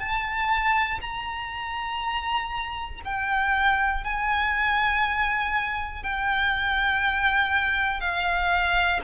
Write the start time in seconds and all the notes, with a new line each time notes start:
0.00 A5
1.01 A#5
3.05 G5
4.05 G#5
6.03 G5
8.00 F5